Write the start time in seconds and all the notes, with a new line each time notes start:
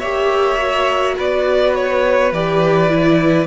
0.00 A#3 G4 C#5 E5
0.57 F#4
1.17 B3 B4 D5
1.76 C#5
2.32 E3 G4 D5
2.89 E4